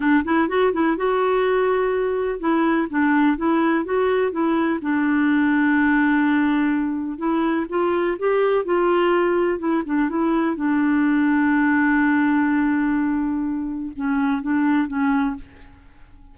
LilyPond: \new Staff \with { instrumentName = "clarinet" } { \time 4/4 \tempo 4 = 125 d'8 e'8 fis'8 e'8 fis'2~ | fis'4 e'4 d'4 e'4 | fis'4 e'4 d'2~ | d'2. e'4 |
f'4 g'4 f'2 | e'8 d'8 e'4 d'2~ | d'1~ | d'4 cis'4 d'4 cis'4 | }